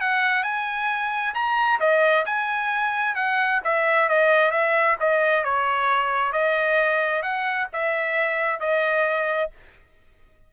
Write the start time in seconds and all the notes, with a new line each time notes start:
0.00 F#5
0.43 G#5
1.34 A#5
1.80 D#5
2.25 G#5
3.15 F#5
3.64 E5
4.09 D#5
4.51 E5
5.00 D#5
5.44 C#5
6.32 D#5
7.22 F#5
7.73 E5
8.60 D#5